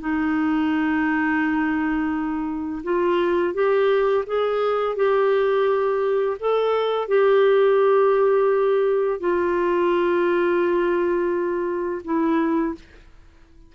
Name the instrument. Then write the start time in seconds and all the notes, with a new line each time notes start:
clarinet
0.00 D#4
2.83 F4
3.54 G4
4.26 G#4
4.96 G4
6.39 A4
7.08 G4
9.20 F4
12.04 E4